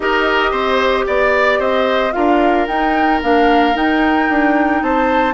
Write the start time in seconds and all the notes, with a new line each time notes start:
0.00 D#4 G4 A#4 D#5
0.51 C4 C5
1.06 B3 D5
1.59 C4 C5 D#5
2.12 D4 F4 A#4 F5
2.67 D#4 G5
3.21 A#3 D4 F5
3.74 D#4 G5
4.29 D4
4.82 C4 C5 A5